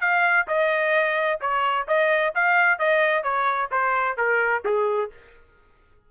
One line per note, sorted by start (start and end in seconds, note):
0.00 0.46 F5
0.47 1.40 D#5
1.40 1.87 C#5
1.87 2.33 D#5
2.35 2.78 F5
2.78 3.23 D#5
3.23 3.69 C#5
3.71 4.17 C5
4.17 4.63 A#4
4.64 5.10 G#4